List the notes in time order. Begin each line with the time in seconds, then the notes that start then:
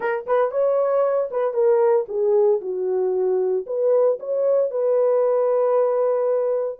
0.00 A#4
0.26 B4
0.51 C#5
1.30 B4
1.53 A#4
2.08 G#4
2.61 F#4
3.66 B4
4.19 C#5
4.71 B4